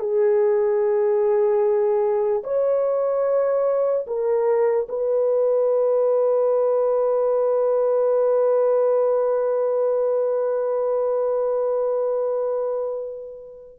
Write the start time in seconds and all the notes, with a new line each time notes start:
0.00 G#4
2.44 C#5
4.07 A#4
4.89 B4